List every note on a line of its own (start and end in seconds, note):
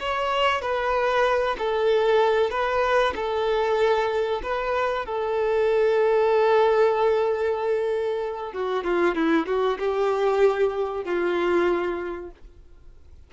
0.00 0.62 C#5
0.62 1.57 B4
1.59 2.51 A4
2.51 3.14 B4
3.16 4.42 A4
4.43 5.06 B4
5.06 8.53 A4
8.53 8.84 F#4
8.84 9.16 F4
9.16 9.47 E4
9.47 9.78 F#4
9.79 11.05 G4
11.05 12.31 F4